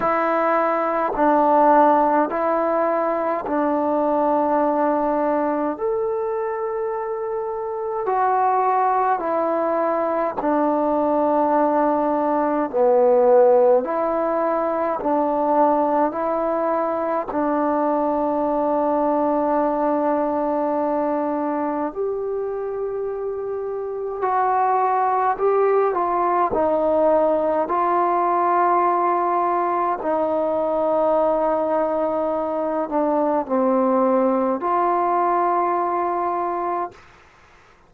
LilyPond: \new Staff \with { instrumentName = "trombone" } { \time 4/4 \tempo 4 = 52 e'4 d'4 e'4 d'4~ | d'4 a'2 fis'4 | e'4 d'2 b4 | e'4 d'4 e'4 d'4~ |
d'2. g'4~ | g'4 fis'4 g'8 f'8 dis'4 | f'2 dis'2~ | dis'8 d'8 c'4 f'2 | }